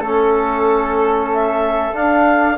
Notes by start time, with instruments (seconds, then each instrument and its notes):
0.00 bassoon A3, trombone C#4, flute A4, clarinet A4
1.34 clarinet E5
1.94 trombone D4, bassoon D4, clarinet F5